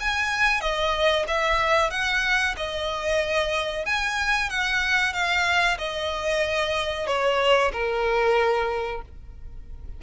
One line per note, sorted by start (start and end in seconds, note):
0.00 0.61 G#5
0.61 1.26 D#5
1.28 1.91 E5
1.91 2.55 F#5
2.57 3.85 D#5
3.85 4.50 G#5
4.50 5.13 F#5
5.13 5.78 F5
5.78 7.07 D#5
7.07 7.72 C#5
7.72 9.01 A#4